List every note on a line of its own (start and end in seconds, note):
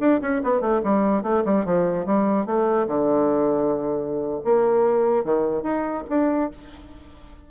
0.00 0.21 D4
0.21 0.42 C#4
0.44 0.61 B3
0.61 0.81 A3
0.83 1.23 G3
1.23 1.43 A3
1.45 1.65 G3
1.65 2.06 F3
2.06 2.46 G3
2.46 2.87 A3
2.87 4.42 D3
4.45 5.24 A#3
5.24 5.63 D#3
5.63 6.04 D#4
6.09 6.50 D4